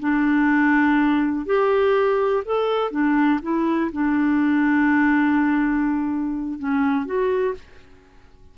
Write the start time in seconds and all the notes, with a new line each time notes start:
0.00 D4
1.46 G4
2.45 A4
2.91 D4
3.42 E4
3.92 D4
6.59 C#4
7.05 F#4